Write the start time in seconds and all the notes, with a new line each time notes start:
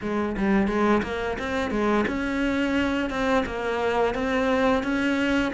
0.01 G#3
0.37 G3
0.67 G#3
1.03 A#3
1.39 C4
1.71 G#3
2.07 C#4
3.10 C4
3.46 A#3
4.14 C4
4.83 C#4